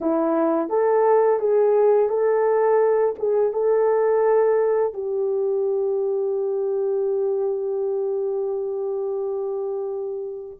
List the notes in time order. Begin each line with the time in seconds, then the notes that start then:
0.01 E4
0.69 A4
1.39 G#4
2.09 A4
3.19 G#4
3.52 A4
4.93 G4